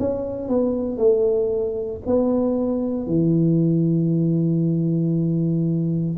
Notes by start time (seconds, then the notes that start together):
0.00 C#4
0.49 B3
0.98 A3
2.07 B3
3.07 E3